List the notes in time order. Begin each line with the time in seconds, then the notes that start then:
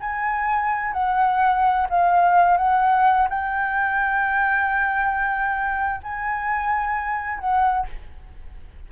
0.00 G#5
0.93 F#5
1.89 F5
2.57 F#5
3.30 G5
6.03 G#5
7.39 F#5